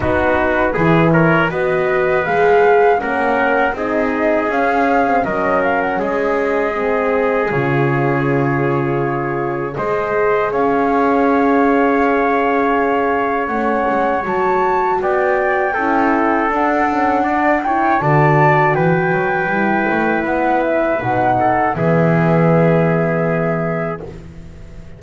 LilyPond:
<<
  \new Staff \with { instrumentName = "flute" } { \time 4/4 \tempo 4 = 80 b'4. cis''8 dis''4 f''4 | fis''4 dis''4 f''4 dis''8 f''16 fis''16 | dis''2 cis''2~ | cis''4 dis''4 f''2~ |
f''2 fis''4 a''4 | g''2 fis''4. g''8 | a''4 g''2 fis''8 e''8 | fis''4 e''2. | }
  \new Staff \with { instrumentName = "trumpet" } { \time 4/4 fis'4 gis'8 ais'8 b'2 | ais'4 gis'2 ais'4 | gis'1~ | gis'4 c''4 cis''2~ |
cis''1 | d''4 a'2 d''8 cis''8 | d''4 b'2.~ | b'8 a'8 gis'2. | }
  \new Staff \with { instrumentName = "horn" } { \time 4/4 dis'4 e'4 fis'4 gis'4 | cis'4 dis'4 cis'8. c'16 cis'4~ | cis'4 c'4 f'2~ | f'4 gis'2.~ |
gis'2 cis'4 fis'4~ | fis'4 e'4 d'8 cis'8 d'8 e'8 | fis'2 e'2 | dis'4 b2. | }
  \new Staff \with { instrumentName = "double bass" } { \time 4/4 b4 e4 b4 gis4 | ais4 c'4 cis'4 fis4 | gis2 cis2~ | cis4 gis4 cis'2~ |
cis'2 a8 gis8 fis4 | b4 cis'4 d'2 | d4 e8 fis8 g8 a8 b4 | b,4 e2. | }
>>